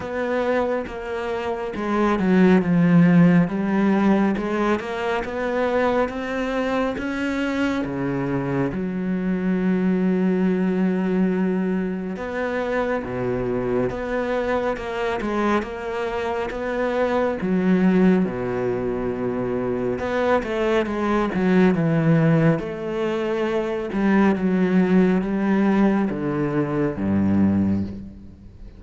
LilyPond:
\new Staff \with { instrumentName = "cello" } { \time 4/4 \tempo 4 = 69 b4 ais4 gis8 fis8 f4 | g4 gis8 ais8 b4 c'4 | cis'4 cis4 fis2~ | fis2 b4 b,4 |
b4 ais8 gis8 ais4 b4 | fis4 b,2 b8 a8 | gis8 fis8 e4 a4. g8 | fis4 g4 d4 g,4 | }